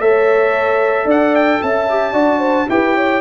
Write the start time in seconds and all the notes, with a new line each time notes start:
0.00 A3 A4 C#5 E5
1.05 D4 D5 F#5
1.36 G5
1.62 C#4 E5 A5
1.90 G4
2.14 D4 F#4 D5
2.40 C5
2.69 E4 G4 B4 G5
2.96 C#5